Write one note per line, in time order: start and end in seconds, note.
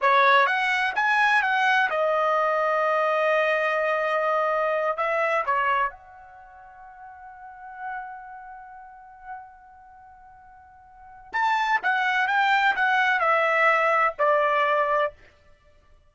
0.01 0.46 C#5
0.46 0.93 F#5
0.95 1.42 G#5
1.42 1.89 F#5
1.90 4.97 D#5
4.97 5.44 E5
5.45 5.90 C#5
5.90 11.32 F#5
11.32 11.80 A5
11.82 12.27 F#5
12.27 12.75 G5
12.75 13.19 F#5
13.19 14.14 E5
14.18 15.12 D5